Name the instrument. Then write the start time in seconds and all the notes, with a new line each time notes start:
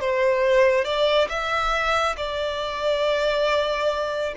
violin
0.00 C5
0.85 D5
1.28 E5
2.17 D5